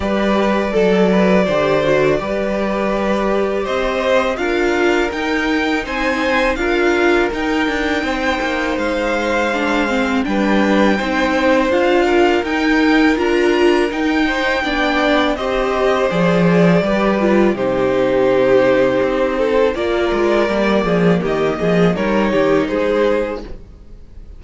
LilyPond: <<
  \new Staff \with { instrumentName = "violin" } { \time 4/4 \tempo 4 = 82 d''1~ | d''4 dis''4 f''4 g''4 | gis''4 f''4 g''2 | f''2 g''2 |
f''4 g''4 ais''4 g''4~ | g''4 dis''4 d''2 | c''2. d''4~ | d''4 dis''4 cis''4 c''4 | }
  \new Staff \with { instrumentName = "violin" } { \time 4/4 b'4 a'8 b'8 c''4 b'4~ | b'4 c''4 ais'2 | c''4 ais'2 c''4~ | c''2 b'4 c''4~ |
c''8 ais'2. c''8 | d''4 c''2 b'4 | g'2~ g'8 a'8 ais'4~ | ais'8 gis'8 g'8 gis'8 ais'8 g'8 gis'4 | }
  \new Staff \with { instrumentName = "viola" } { \time 4/4 g'4 a'4 g'8 fis'8 g'4~ | g'2 f'4 dis'4~ | dis'4 f'4 dis'2~ | dis'4 d'8 c'8 d'4 dis'4 |
f'4 dis'4 f'4 dis'4 | d'4 g'4 gis'4 g'8 f'8 | dis'2. f'4 | ais2 dis'2 | }
  \new Staff \with { instrumentName = "cello" } { \time 4/4 g4 fis4 d4 g4~ | g4 c'4 d'4 dis'4 | c'4 d'4 dis'8 d'8 c'8 ais8 | gis2 g4 c'4 |
d'4 dis'4 d'4 dis'4 | b4 c'4 f4 g4 | c2 c'4 ais8 gis8 | g8 f8 dis8 f8 g8 dis8 gis4 | }
>>